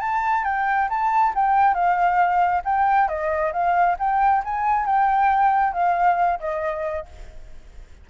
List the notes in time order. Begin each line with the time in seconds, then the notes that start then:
0.00 A5
0.44 G5
0.89 A5
1.35 G5
1.74 F5
2.64 G5
3.08 D#5
3.52 F5
3.99 G5
4.44 G#5
4.85 G5
5.73 F5
6.40 D#5